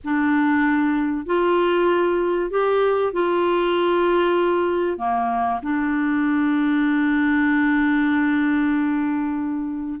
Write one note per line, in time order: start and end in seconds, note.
0.04 1.26 D4
1.26 2.50 F4
2.50 3.12 G4
3.12 4.97 F4
4.97 5.60 A#3
5.62 9.99 D4